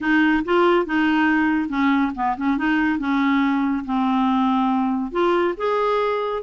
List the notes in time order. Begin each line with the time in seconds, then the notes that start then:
0.00 D#4
0.44 F4
0.86 D#4
1.69 C#4
2.15 B3
2.37 C#4
2.57 D#4
2.98 C#4
3.85 C4
5.11 F4
5.57 G#4